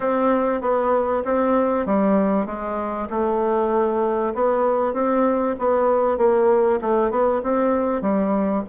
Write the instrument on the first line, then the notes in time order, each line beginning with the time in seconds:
bassoon
0.00 C4
0.61 B3
1.25 C4
1.86 G3
2.46 G#3
3.09 A3
4.34 B3
4.93 C4
5.58 B3
6.17 A#3
6.81 A3
7.10 B3
7.43 C4
8.01 G3